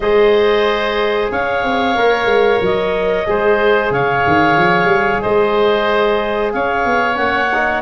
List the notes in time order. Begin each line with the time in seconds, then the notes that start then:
0.00 G#3 G#4 C5 D#5
1.31 C#4 C#5 F5
1.63 C4
1.95 A#3 A#4
2.25 G#3
2.61 F#3 D#5
3.25 G#3 G#4 C5
3.90 C#3 C#5 F5
4.26 D#3
4.56 F3
4.84 G3
5.20 G#3 C5 D#5
6.51 C#4 C#5 F5
6.85 B3
7.14 A#3 C#4 F#5
7.53 D#4